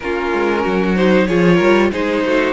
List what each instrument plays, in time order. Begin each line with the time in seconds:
0.00 cello A#3, viola C#4, violin F4 A#4
0.33 cello G#3
0.61 cello F#3, violin F#4
0.95 viola D#4, violin C5
1.26 cello F3, viola F4, violin G#4 C#5
1.55 cello G3, violin A#4
1.91 cello G#3, viola D#4, violin G#4 C5
2.24 cello A3, violin F#4